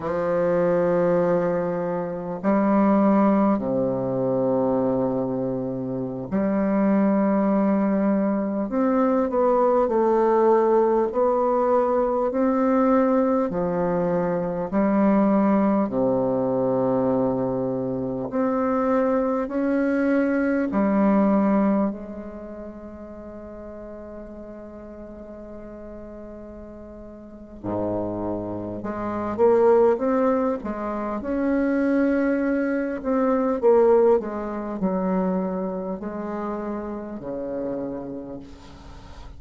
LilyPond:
\new Staff \with { instrumentName = "bassoon" } { \time 4/4 \tempo 4 = 50 f2 g4 c4~ | c4~ c16 g2 c'8 b16~ | b16 a4 b4 c'4 f8.~ | f16 g4 c2 c'8.~ |
c'16 cis'4 g4 gis4.~ gis16~ | gis2. gis,4 | gis8 ais8 c'8 gis8 cis'4. c'8 | ais8 gis8 fis4 gis4 cis4 | }